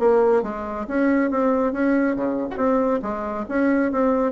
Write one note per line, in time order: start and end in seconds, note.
0.00 0.43 A#3
0.43 0.87 G#3
0.88 1.31 C#4
1.31 1.73 C4
1.73 2.16 C#4
2.16 2.49 C#3
2.51 2.58 F#4
2.58 3.01 C4
3.03 3.46 G#3
3.49 3.92 C#4
3.92 4.33 C4